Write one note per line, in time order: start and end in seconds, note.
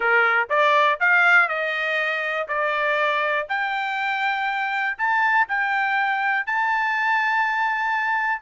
0.00 0.48 A#4
0.49 0.99 D5
1.00 1.48 F5
1.48 2.47 D#5
2.47 3.47 D5
3.48 4.97 G5
4.97 5.47 A5
5.48 6.46 G5
6.46 8.41 A5